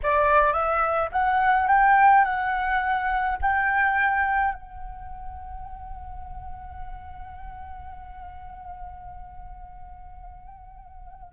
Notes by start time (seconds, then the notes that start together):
0.03 D5
0.52 E5
1.12 F#5
1.67 G5
2.24 F#5
3.41 G5
4.54 F#5